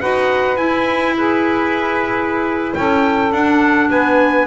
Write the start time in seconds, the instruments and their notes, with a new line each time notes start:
0.00 double bass D#4, clarinet F#4, saxophone B4, trumpet F#5
0.57 clarinet E4, double bass E4, trumpet G#5
1.17 saxophone G#4, trumpet B4
2.75 double bass C#4, saxophone A4, trumpet G5
3.32 double bass D4, clarinet D4, trumpet F#5
3.90 double bass B3, saxophone B4, trumpet G#5